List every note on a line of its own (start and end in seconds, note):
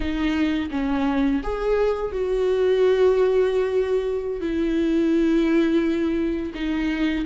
0.00 0.69 D#4
0.71 1.41 C#4
1.43 2.12 G#4
2.12 4.41 F#4
4.41 6.52 E4
6.54 7.25 D#4